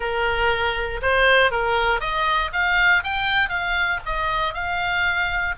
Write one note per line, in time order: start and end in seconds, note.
0.00 1.00 A#4
1.02 1.51 C5
1.51 2.00 A#4
2.00 2.50 D#5
2.52 3.03 F5
3.03 3.49 G5
3.49 3.99 F5
4.05 4.54 D#5
4.54 5.54 F5